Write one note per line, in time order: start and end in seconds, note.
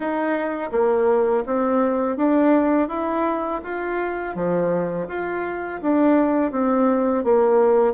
0.00 0.70 D#4
0.71 1.44 A#3
1.46 2.17 C4
2.17 2.88 D4
2.88 3.60 E4
3.63 4.35 F4
4.35 5.07 F3
5.08 5.80 F4
5.82 6.51 D4
6.51 7.24 C4
7.24 7.93 A#3